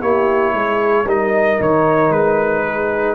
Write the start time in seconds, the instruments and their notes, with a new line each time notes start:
0.00 tuba A#3, trombone E4, horn G4, trumpet C#5
0.54 tuba G#3, horn G#4
1.05 tuba G3, trombone D#4, horn A#4, trumpet D#5
1.60 tuba D#3, trumpet C#5
2.10 tuba G#3, trumpet B4
2.66 horn G#4